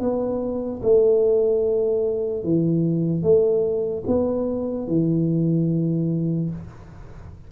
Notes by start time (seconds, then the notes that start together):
0.00 B3
0.83 A3
2.44 E3
3.22 A3
4.07 B3
4.88 E3